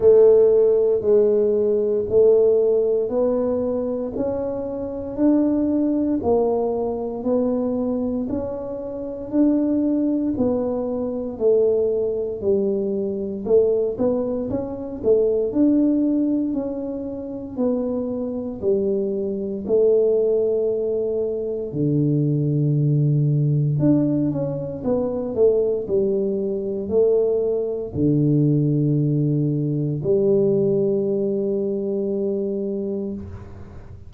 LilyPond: \new Staff \with { instrumentName = "tuba" } { \time 4/4 \tempo 4 = 58 a4 gis4 a4 b4 | cis'4 d'4 ais4 b4 | cis'4 d'4 b4 a4 | g4 a8 b8 cis'8 a8 d'4 |
cis'4 b4 g4 a4~ | a4 d2 d'8 cis'8 | b8 a8 g4 a4 d4~ | d4 g2. | }